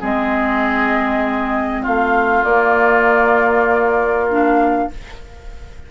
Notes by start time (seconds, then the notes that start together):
0.00 G#3 C4 G#4 D#5
1.82 A3 F4 F5
2.43 A#3 D5
4.29 D4 F5